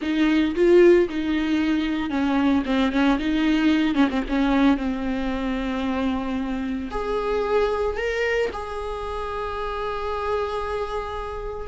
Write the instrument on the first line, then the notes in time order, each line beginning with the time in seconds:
viola
0.01 D#4
0.55 F4
1.09 D#4
2.09 C#4
2.65 C4
2.92 C#4
3.19 D#4
3.95 C#4
4.10 C4
4.29 C#4
4.77 C4
6.90 G#4
7.96 A#4
8.52 G#4